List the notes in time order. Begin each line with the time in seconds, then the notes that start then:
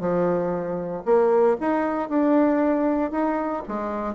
0.00 F3
1.05 A#3
1.61 D#4
2.10 D4
3.12 D#4
3.68 G#3